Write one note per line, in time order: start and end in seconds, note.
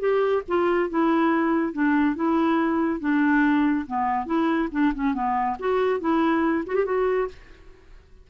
0.00 0.43 G4
0.49 0.90 F4
0.90 1.73 E4
1.73 2.16 D4
2.16 3.01 E4
3.01 3.86 D4
3.87 4.27 B3
4.27 4.69 E4
4.72 4.94 D4
4.95 5.14 C#4
5.14 5.57 B3
5.60 6.00 F#4
6.00 6.65 E4
6.67 6.76 F#4
6.76 6.86 G4
6.86 7.29 F#4